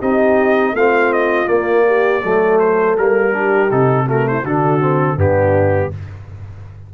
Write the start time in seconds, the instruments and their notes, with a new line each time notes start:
0.00 tuba C4, trombone D#4, horn G4, trumpet D#5
0.73 tuba A3, trombone C4, horn F4, trumpet F5
1.13 trumpet D#5
1.46 trombone A#3, tuba A#3, trumpet D5
1.87 horn G4
2.24 tuba F#3, trombone A3, horn A4
2.59 trumpet C5
2.98 tuba G3, trombone A#3, trumpet A#4
3.32 trombone D4, horn G4
3.71 tuba C3, trombone D#4, trumpet A4
4.06 trombone A3, horn F#4, trumpet A#4
4.27 horn E4, trumpet C5
4.43 tuba D3, trombone D4, horn F#4, trumpet A4
4.81 trombone C4
5.17 tuba G2, trombone B3, horn D4, trumpet G4